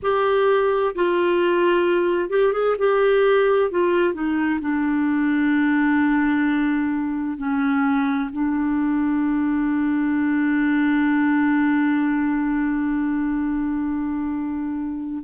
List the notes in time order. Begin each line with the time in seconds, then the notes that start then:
0.02 G4
0.95 F4
2.29 G4
2.53 G#4
2.78 G4
3.70 F4
4.13 D#4
4.60 D4
7.37 C#4
8.32 D4